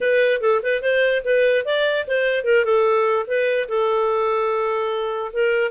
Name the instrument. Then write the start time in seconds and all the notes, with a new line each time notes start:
clarinet
0.00 B4
0.41 A4
0.62 B4
0.82 C5
1.24 B4
1.65 D5
2.07 C5
2.44 A#4
2.64 A4
3.27 B4
3.68 A4
5.32 A#4